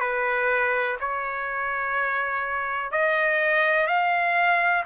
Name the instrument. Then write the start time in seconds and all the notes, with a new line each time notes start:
trumpet
0.00 B4
1.00 C#5
2.91 D#5
3.87 F5